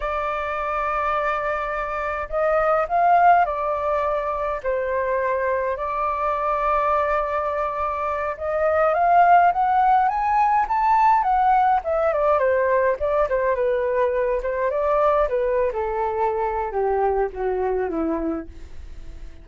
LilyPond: \new Staff \with { instrumentName = "flute" } { \time 4/4 \tempo 4 = 104 d''1 | dis''4 f''4 d''2 | c''2 d''2~ | d''2~ d''8 dis''4 f''8~ |
f''8 fis''4 gis''4 a''4 fis''8~ | fis''8 e''8 d''8 c''4 d''8 c''8 b'8~ | b'4 c''8 d''4 b'8. a'8.~ | a'4 g'4 fis'4 e'4 | }